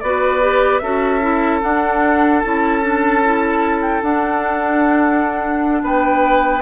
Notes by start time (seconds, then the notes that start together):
0.00 B3 F#4 B4 D5
0.41 G4
0.78 C#4 F#4 A4 E5
1.20 E4
1.62 D4 F#5
2.40 E4 A5
2.46 C#4
2.81 D4
3.24 E4
3.82 G5
4.02 D4 F#5
5.83 B3 B4 G5